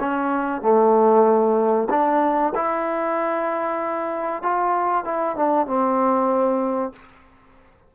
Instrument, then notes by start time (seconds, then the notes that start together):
trombone
0.00 C#4
0.62 A3
1.90 D4
2.55 E4
4.43 F4
5.05 E4
5.36 D4
5.66 C4